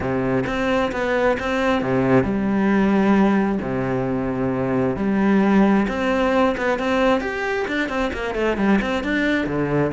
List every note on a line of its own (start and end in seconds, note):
0.00 0.44 C3
0.46 0.91 C4
0.92 1.37 B3
1.39 1.82 C4
1.82 2.23 C3
2.23 3.59 G3
3.61 4.96 C3
4.96 5.86 G3
5.87 6.55 C4
6.57 6.78 B3
6.78 7.21 C4
7.21 7.66 G4
7.67 7.88 D4
7.88 8.11 C4
8.13 8.34 A#3
8.34 8.57 A3
8.57 8.79 G3
8.81 9.03 C4
9.03 9.46 D4
9.46 9.91 D3